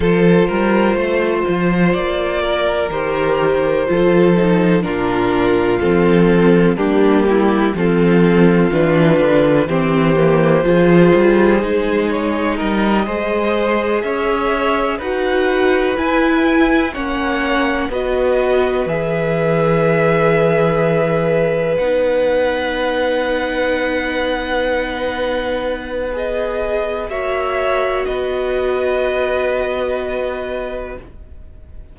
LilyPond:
<<
  \new Staff \with { instrumentName = "violin" } { \time 4/4 \tempo 4 = 62 c''2 d''4 c''4~ | c''4 ais'4 a'4 g'4 | a'4 b'4 c''2~ | c''8 cis''8 dis''4. e''4 fis''8~ |
fis''8 gis''4 fis''4 dis''4 e''8~ | e''2~ e''8 fis''4.~ | fis''2. dis''4 | e''4 dis''2. | }
  \new Staff \with { instrumentName = "violin" } { \time 4/4 a'8 ais'8 c''4. ais'4. | a'4 f'2 d'8 e'8 | f'2 g'4 gis'4~ | gis'4 ais'8 c''4 cis''4 b'8~ |
b'4. cis''4 b'4.~ | b'1~ | b'1 | cis''4 b'2. | }
  \new Staff \with { instrumentName = "viola" } { \time 4/4 f'2. g'4 | f'8 dis'8 d'4 c'4 ais4 | c'4 d'4 c'8 ais8 f'4 | dis'4. gis'2 fis'8~ |
fis'8 e'4 cis'4 fis'4 gis'8~ | gis'2~ gis'8 dis'4.~ | dis'2. gis'4 | fis'1 | }
  \new Staff \with { instrumentName = "cello" } { \time 4/4 f8 g8 a8 f8 ais4 dis4 | f4 ais,4 f4 g4 | f4 e8 d8 e4 f8 g8 | gis4 g8 gis4 cis'4 dis'8~ |
dis'8 e'4 ais4 b4 e8~ | e2~ e8 b4.~ | b1 | ais4 b2. | }
>>